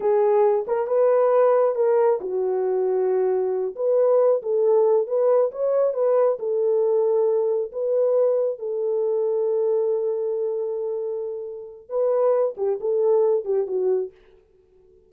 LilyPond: \new Staff \with { instrumentName = "horn" } { \time 4/4 \tempo 4 = 136 gis'4. ais'8 b'2 | ais'4 fis'2.~ | fis'8 b'4. a'4. b'8~ | b'8 cis''4 b'4 a'4.~ |
a'4. b'2 a'8~ | a'1~ | a'2. b'4~ | b'8 g'8 a'4. g'8 fis'4 | }